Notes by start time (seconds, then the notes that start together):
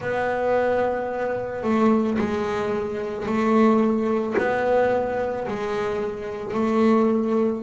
0.00 B3
1.63 A3
2.18 G#3
3.26 A3
4.38 B3
5.47 G#3
6.54 A3